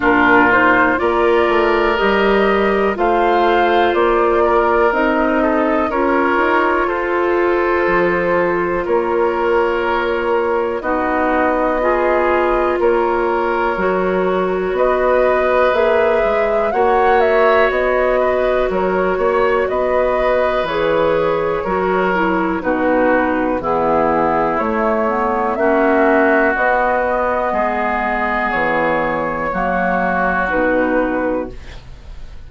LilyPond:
<<
  \new Staff \with { instrumentName = "flute" } { \time 4/4 \tempo 4 = 61 ais'8 c''8 d''4 dis''4 f''4 | d''4 dis''4 cis''4 c''4~ | c''4 cis''2 dis''4~ | dis''4 cis''2 dis''4 |
e''4 fis''8 e''8 dis''4 cis''4 | dis''4 cis''2 b'4 | gis'4 cis''4 e''4 dis''4~ | dis''4 cis''2 b'4 | }
  \new Staff \with { instrumentName = "oboe" } { \time 4/4 f'4 ais'2 c''4~ | c''8 ais'4 a'8 ais'4 a'4~ | a'4 ais'2 fis'4 | gis'4 ais'2 b'4~ |
b'4 cis''4. b'8 ais'8 cis''8 | b'2 ais'4 fis'4 | e'2 fis'2 | gis'2 fis'2 | }
  \new Staff \with { instrumentName = "clarinet" } { \time 4/4 d'8 dis'8 f'4 g'4 f'4~ | f'4 dis'4 f'2~ | f'2. dis'4 | f'2 fis'2 |
gis'4 fis'2.~ | fis'4 gis'4 fis'8 e'8 dis'4 | b4 a8 b8 cis'4 b4~ | b2 ais4 dis'4 | }
  \new Staff \with { instrumentName = "bassoon" } { \time 4/4 ais,4 ais8 a8 g4 a4 | ais4 c'4 cis'8 dis'8 f'4 | f4 ais2 b4~ | b4 ais4 fis4 b4 |
ais8 gis8 ais4 b4 fis8 ais8 | b4 e4 fis4 b,4 | e4 a4 ais4 b4 | gis4 e4 fis4 b,4 | }
>>